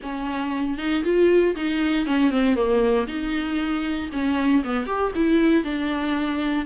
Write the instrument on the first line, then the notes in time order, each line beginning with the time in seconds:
viola
0.02 C#4
0.78 D#4
1.03 F4
1.55 D#4
2.06 C#4
2.31 C4
2.55 A#3
3.07 D#4
4.12 C#4
4.63 B3
4.86 G4
5.15 E4
5.63 D4